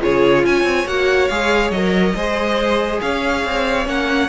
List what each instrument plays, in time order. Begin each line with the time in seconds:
0.00 cello C#3, viola F4, violin G#4 C#5
0.45 cello C#4, violin C#5 G#5
0.63 cello C4
0.86 cello A#3, viola F#4, violin F#5
1.28 cello G#3, viola G#4, violin F5
1.70 cello F#3, viola A#4, violin D#5
2.14 cello G#3, viola G#4, violin C5
3.01 cello C#4, violin C#5 F5
3.45 cello C4
3.85 cello A#3, viola C#4, violin F#5